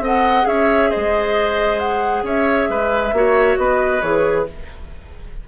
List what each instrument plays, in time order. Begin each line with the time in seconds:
0.00 bassoon C4, clarinet A4, oboe D#5, flute F#5
0.43 bassoon C#4, clarinet G#4, oboe C#5, flute E5
0.90 oboe C5, flute D#5
0.96 bassoon G#3
1.79 flute F#5
2.23 bassoon C#4, oboe C#5, flute E5
2.69 bassoon G#3, oboe B4
3.13 bassoon A#3, clarinet F#4, oboe C#5
3.57 bassoon B3, oboe B4, flute D#5
4.02 bassoon E3, clarinet G#4, flute C#5